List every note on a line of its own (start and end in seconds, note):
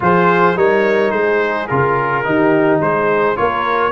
0.00 0.56 F3
0.00 0.56 F4
0.00 0.57 G#4
0.00 0.58 C5
0.56 1.11 G3
0.56 1.68 D#4
0.56 1.13 A#4
0.56 1.11 C#5
1.11 1.68 G#3
1.11 2.25 G#4
1.11 1.67 C5
1.67 2.25 C#3
1.67 2.24 F4
1.67 2.79 A#4
2.24 2.80 D#3
2.24 3.36 D#4
2.24 2.81 G4
2.80 3.36 G#3
2.80 3.38 G#4
2.80 3.37 C5
3.36 3.91 A#3
3.36 3.91 F4
3.36 3.91 A#4
3.36 3.91 C#5